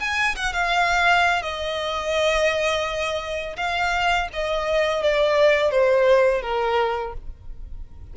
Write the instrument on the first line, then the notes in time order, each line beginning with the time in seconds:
violin
0.00 G#5
0.36 F#5
0.53 F5
1.42 D#5
3.57 F5
4.33 D#5
5.03 D5
5.71 C5
6.42 A#4